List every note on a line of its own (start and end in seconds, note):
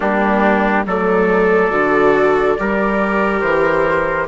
0.00 0.86 G3
0.00 0.85 A#3
0.00 0.85 D4
0.00 0.85 G4
0.86 1.71 F#3
0.86 1.71 A3
0.86 2.58 A4
0.86 3.40 D5
1.71 2.56 D3
1.71 2.57 F#4
2.58 3.41 G3
2.58 4.27 G4
2.58 4.27 A#4
3.40 4.27 E3
3.40 4.26 C5